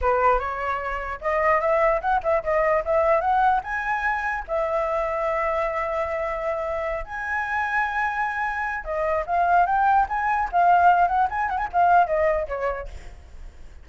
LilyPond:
\new Staff \with { instrumentName = "flute" } { \time 4/4 \tempo 4 = 149 b'4 cis''2 dis''4 | e''4 fis''8 e''8 dis''4 e''4 | fis''4 gis''2 e''4~ | e''1~ |
e''4. gis''2~ gis''8~ | gis''2 dis''4 f''4 | g''4 gis''4 f''4. fis''8 | gis''8 fis''16 gis''16 f''4 dis''4 cis''4 | }